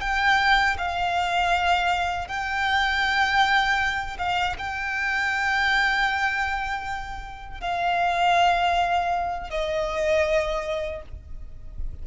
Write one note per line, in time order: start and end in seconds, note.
0.00 0.76 G5
0.78 2.27 F5
2.27 4.17 G5
4.18 4.56 F5
4.58 7.60 G5
7.60 9.50 F5
9.50 11.02 D#5